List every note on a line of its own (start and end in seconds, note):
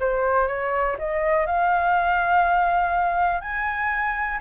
0.00 0.48 C5
0.48 0.97 C#5
0.99 1.46 D#5
1.46 3.41 F5
3.41 4.40 G#5